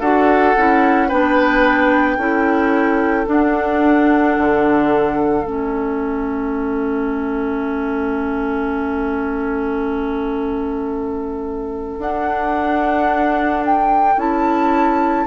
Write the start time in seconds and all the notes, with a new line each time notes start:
0.00 D4 F#4 A4 F#5
0.57 C#4 E4
1.08 B3 D4 B4 G5
2.17 C#4 E4 A4
3.26 D4 F#5
4.38 D3
5.43 A3 C#4 E5
11.99 D4 F#5
13.65 G5
14.17 C#4 E4 A5